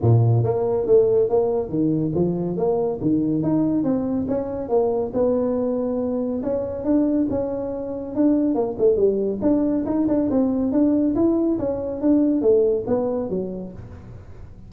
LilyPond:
\new Staff \with { instrumentName = "tuba" } { \time 4/4 \tempo 4 = 140 ais,4 ais4 a4 ais4 | dis4 f4 ais4 dis4 | dis'4 c'4 cis'4 ais4 | b2. cis'4 |
d'4 cis'2 d'4 | ais8 a8 g4 d'4 dis'8 d'8 | c'4 d'4 e'4 cis'4 | d'4 a4 b4 fis4 | }